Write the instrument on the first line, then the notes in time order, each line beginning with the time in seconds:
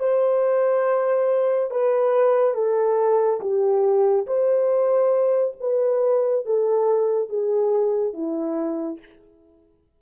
horn
0.00 C5
1.71 B4
2.55 A4
3.41 G4
4.27 C5
5.61 B4
6.46 A4
7.30 G#4
8.14 E4